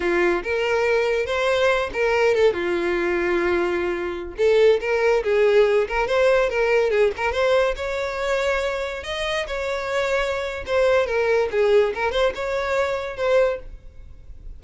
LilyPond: \new Staff \with { instrumentName = "violin" } { \time 4/4 \tempo 4 = 141 f'4 ais'2 c''4~ | c''8 ais'4 a'8 f'2~ | f'2~ f'16 a'4 ais'8.~ | ais'16 gis'4. ais'8 c''4 ais'8.~ |
ais'16 gis'8 ais'8 c''4 cis''4.~ cis''16~ | cis''4~ cis''16 dis''4 cis''4.~ cis''16~ | cis''4 c''4 ais'4 gis'4 | ais'8 c''8 cis''2 c''4 | }